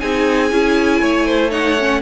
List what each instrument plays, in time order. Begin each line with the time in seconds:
0.00 cello C4, viola D#4, violin G#4 G#5
0.51 cello C#4, viola E4
1.01 cello A3, violin C#5
1.26 violin C5
1.50 viola D#4, violin C#5 F#5
1.79 viola C#4